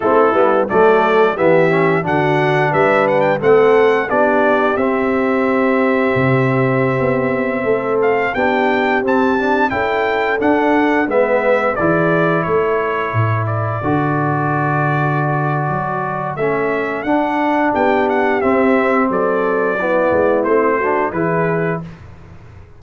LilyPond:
<<
  \new Staff \with { instrumentName = "trumpet" } { \time 4/4 \tempo 4 = 88 a'4 d''4 e''4 fis''4 | e''8 fis''16 g''16 fis''4 d''4 e''4~ | e''2.~ e''8. f''16~ | f''16 g''4 a''4 g''4 fis''8.~ |
fis''16 e''4 d''4 cis''4. d''16~ | d''1 | e''4 fis''4 g''8 fis''8 e''4 | d''2 c''4 b'4 | }
  \new Staff \with { instrumentName = "horn" } { \time 4/4 e'4 a'4 g'4 fis'4 | b'4 a'4 g'2~ | g'2.~ g'16 a'8.~ | a'16 g'2 a'4.~ a'16~ |
a'16 b'4 gis'4 a'4.~ a'16~ | a'1~ | a'2 g'2 | a'4 e'4. fis'8 gis'4 | }
  \new Staff \with { instrumentName = "trombone" } { \time 4/4 c'8 b8 a4 b8 cis'8 d'4~ | d'4 c'4 d'4 c'4~ | c'1~ | c'16 d'4 c'8 d'8 e'4 d'8.~ |
d'16 b4 e'2~ e'8.~ | e'16 fis'2.~ fis'8. | cis'4 d'2 c'4~ | c'4 b4 c'8 d'8 e'4 | }
  \new Staff \with { instrumentName = "tuba" } { \time 4/4 a8 g8 fis4 e4 d4 | g4 a4 b4 c'4~ | c'4 c4~ c16 b4 a8.~ | a16 b4 c'4 cis'4 d'8.~ |
d'16 gis4 e4 a4 a,8.~ | a,16 d2~ d8. fis4 | a4 d'4 b4 c'4 | fis4. gis8 a4 e4 | }
>>